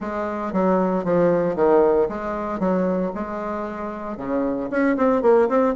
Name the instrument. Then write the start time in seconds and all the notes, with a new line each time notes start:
bassoon
0.00 G#3
0.52 F#3
1.04 F3
1.55 D#3
2.09 G#3
2.59 F#3
3.14 G#3
4.17 C#3
4.70 C#4
4.97 C4
5.22 A#3
5.48 C4